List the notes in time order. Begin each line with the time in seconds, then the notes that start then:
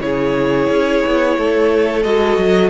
0.00 C#3 E4 G#4 C#5
0.69 C#4
1.06 B3
1.37 A3 A4
2.03 G#3 F#4 D#5
2.37 F#3